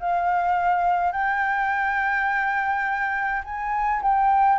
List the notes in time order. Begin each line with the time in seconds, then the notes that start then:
0.00 F5
1.12 G5
3.45 G#5
4.03 G5